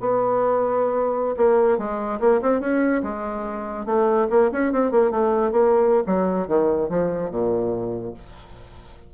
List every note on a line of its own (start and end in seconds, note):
0.00 1.35 B3
1.37 1.78 A#3
1.78 2.20 G#3
2.20 2.41 A#3
2.41 2.60 C4
2.60 3.02 C#4
3.02 3.86 G#3
3.86 4.27 A3
4.30 4.51 A#3
4.52 4.72 C#4
4.72 4.91 C4
4.91 5.11 A#3
5.11 5.51 A3
5.51 6.03 A#3
6.06 6.48 F#3
6.48 6.89 D#3
6.89 7.30 F3
7.30 8.14 A#2